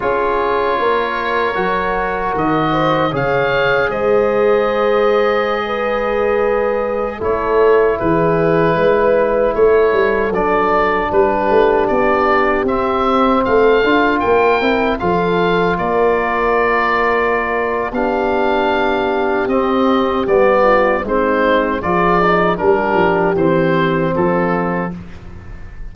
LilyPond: <<
  \new Staff \with { instrumentName = "oboe" } { \time 4/4 \tempo 4 = 77 cis''2. dis''4 | f''4 dis''2.~ | dis''4~ dis''16 cis''4 b'4.~ b'16~ | b'16 cis''4 d''4 b'4 d''8.~ |
d''16 e''4 f''4 g''4 f''8.~ | f''16 d''2~ d''8. f''4~ | f''4 dis''4 d''4 c''4 | d''4 ais'4 c''4 a'4 | }
  \new Staff \with { instrumentName = "horn" } { \time 4/4 gis'4 ais'2~ ais'8 c''8 | cis''4 c''2~ c''16 b'8.~ | b'4~ b'16 a'4 gis'4 b'8.~ | b'16 a'2 g'4.~ g'16~ |
g'4~ g'16 a'4 ais'4 a'8.~ | a'16 ais'2~ ais'8. g'4~ | g'2~ g'8 f'8 dis'4 | gis'4 g'2 f'4 | }
  \new Staff \with { instrumentName = "trombone" } { \time 4/4 f'2 fis'2 | gis'1~ | gis'4~ gis'16 e'2~ e'8.~ | e'4~ e'16 d'2~ d'8.~ |
d'16 c'4. f'4 e'8 f'8.~ | f'2. d'4~ | d'4 c'4 b4 c'4 | f'8 dis'8 d'4 c'2 | }
  \new Staff \with { instrumentName = "tuba" } { \time 4/4 cis'4 ais4 fis4 dis4 | cis4 gis2.~ | gis4~ gis16 a4 e4 gis8.~ | gis16 a8 g8 fis4 g8 a8 b8.~ |
b16 c'4 a8 d'8 ais8 c'8 f8.~ | f16 ais2~ ais8. b4~ | b4 c'4 g4 gis4 | f4 g8 f8 e4 f4 | }
>>